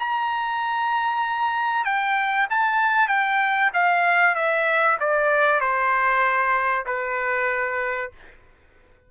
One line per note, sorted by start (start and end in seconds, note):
0.00 1.85 A#5
1.85 2.48 G5
2.50 3.09 A5
3.09 3.71 G5
3.74 4.36 F5
4.36 4.98 E5
5.00 5.61 D5
5.61 6.86 C5
6.86 8.11 B4